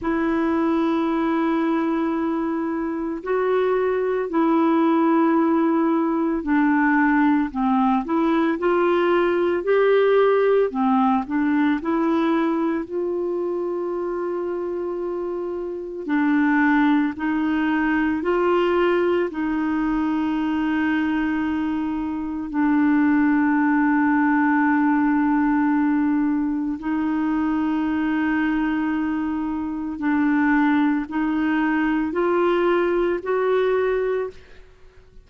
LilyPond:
\new Staff \with { instrumentName = "clarinet" } { \time 4/4 \tempo 4 = 56 e'2. fis'4 | e'2 d'4 c'8 e'8 | f'4 g'4 c'8 d'8 e'4 | f'2. d'4 |
dis'4 f'4 dis'2~ | dis'4 d'2.~ | d'4 dis'2. | d'4 dis'4 f'4 fis'4 | }